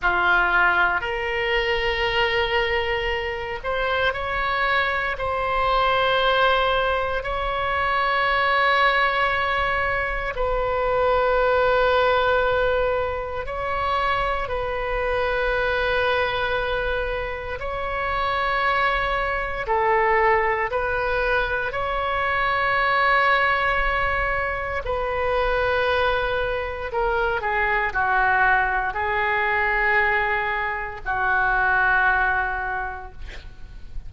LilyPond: \new Staff \with { instrumentName = "oboe" } { \time 4/4 \tempo 4 = 58 f'4 ais'2~ ais'8 c''8 | cis''4 c''2 cis''4~ | cis''2 b'2~ | b'4 cis''4 b'2~ |
b'4 cis''2 a'4 | b'4 cis''2. | b'2 ais'8 gis'8 fis'4 | gis'2 fis'2 | }